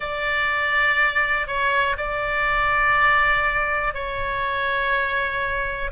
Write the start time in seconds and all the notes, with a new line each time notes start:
0.00 D5
1.47 C#5
1.97 D5
3.93 C#5